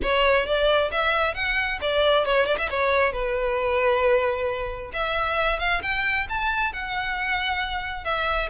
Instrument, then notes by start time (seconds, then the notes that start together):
violin
0.02 C#5
0.46 D5
0.91 E5
1.34 F#5
1.81 D5
2.25 C#5
2.46 D5
2.58 E5
2.70 C#5
3.12 B4
4.93 E5
5.59 F5
5.82 G5
6.29 A5
6.72 F#5
8.04 E5